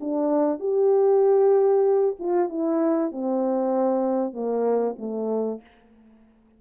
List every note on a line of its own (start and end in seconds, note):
0.00 0.59 D4
0.59 2.16 G4
2.19 2.49 F4
2.49 3.12 E4
3.12 4.33 C4
4.33 4.95 A#3
4.98 5.61 A3